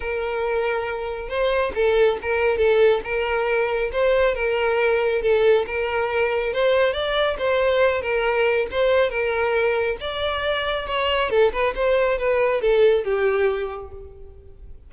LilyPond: \new Staff \with { instrumentName = "violin" } { \time 4/4 \tempo 4 = 138 ais'2. c''4 | a'4 ais'4 a'4 ais'4~ | ais'4 c''4 ais'2 | a'4 ais'2 c''4 |
d''4 c''4. ais'4. | c''4 ais'2 d''4~ | d''4 cis''4 a'8 b'8 c''4 | b'4 a'4 g'2 | }